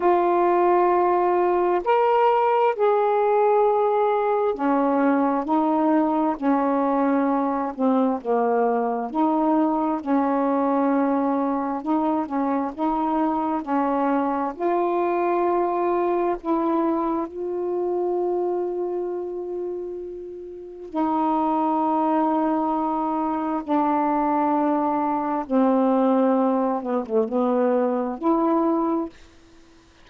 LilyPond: \new Staff \with { instrumentName = "saxophone" } { \time 4/4 \tempo 4 = 66 f'2 ais'4 gis'4~ | gis'4 cis'4 dis'4 cis'4~ | cis'8 c'8 ais4 dis'4 cis'4~ | cis'4 dis'8 cis'8 dis'4 cis'4 |
f'2 e'4 f'4~ | f'2. dis'4~ | dis'2 d'2 | c'4. b16 a16 b4 e'4 | }